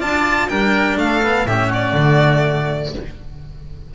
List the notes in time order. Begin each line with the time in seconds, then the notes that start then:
0.00 D4 F4 D5 A5
0.49 G3 D4 A#4 G5
0.97 A3 A4 F5
1.23 B3
1.46 A2 C#4 G4 E5
1.67 F#4
1.73 D5
1.93 D3 A3